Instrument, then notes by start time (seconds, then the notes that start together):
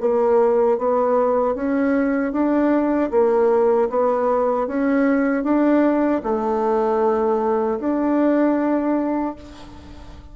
bassoon
0.00 A#3
0.78 B3
1.54 C#4
2.32 D4
3.11 A#3
3.89 B3
4.67 C#4
5.43 D4
6.23 A3
7.79 D4